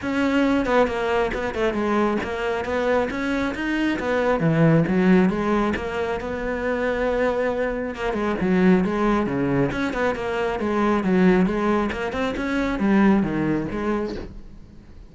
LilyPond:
\new Staff \with { instrumentName = "cello" } { \time 4/4 \tempo 4 = 136 cis'4. b8 ais4 b8 a8 | gis4 ais4 b4 cis'4 | dis'4 b4 e4 fis4 | gis4 ais4 b2~ |
b2 ais8 gis8 fis4 | gis4 cis4 cis'8 b8 ais4 | gis4 fis4 gis4 ais8 c'8 | cis'4 g4 dis4 gis4 | }